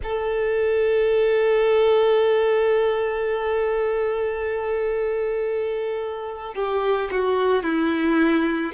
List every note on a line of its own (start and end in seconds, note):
0.03 6.54 A4
6.54 7.09 G4
7.11 7.63 F#4
7.63 8.72 E4